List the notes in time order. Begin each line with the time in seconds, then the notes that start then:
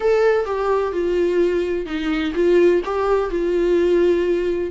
0.00 A4
0.45 G4
0.92 F4
1.86 D#4
2.35 F4
2.85 G4
3.29 F4